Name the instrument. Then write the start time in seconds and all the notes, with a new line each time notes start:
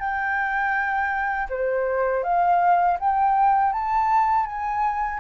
flute
0.00 G5
1.49 C5
2.24 F5
3.00 G5
3.73 A5
4.46 G#5